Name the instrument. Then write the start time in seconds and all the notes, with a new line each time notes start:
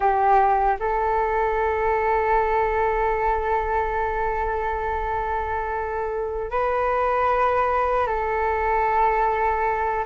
flute
0.00 G4
0.79 A4
6.50 B4
8.07 A4